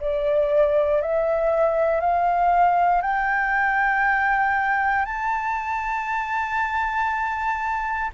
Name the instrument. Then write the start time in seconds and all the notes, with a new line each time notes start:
flute
0.00 D5
1.02 E5
2.00 F5
3.02 G5
5.05 A5